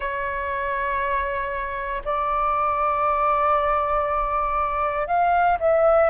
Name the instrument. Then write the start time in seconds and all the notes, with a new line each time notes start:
flute
0.00 C#5
2.04 D5
5.07 F5
5.59 E5